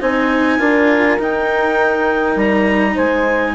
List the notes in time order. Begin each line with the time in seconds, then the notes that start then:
0.00 C4 D#4 C5 G#5
0.59 D4 F4 A#4
1.18 D#4 G5
2.35 G3 A#5
2.94 G#3 C5 G#5